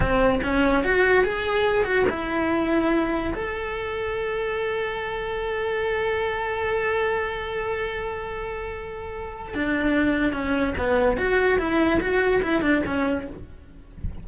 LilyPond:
\new Staff \with { instrumentName = "cello" } { \time 4/4 \tempo 4 = 145 c'4 cis'4 fis'4 gis'4~ | gis'8 fis'8 e'2. | a'1~ | a'1~ |
a'1~ | a'2. d'4~ | d'4 cis'4 b4 fis'4 | e'4 fis'4 e'8 d'8 cis'4 | }